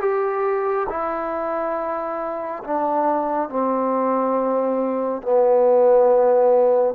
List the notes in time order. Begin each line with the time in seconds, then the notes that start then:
0.00 G4
0.89 E4
2.64 D4
3.49 C4
5.22 B3